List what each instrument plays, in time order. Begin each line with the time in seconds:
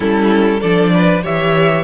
0.00 cello G3, viola C#4, violin E4 A4
0.60 cello F3, viola D4, violin A4 D5
0.94 violin B4
1.22 cello E3, viola G4, violin C#5 E5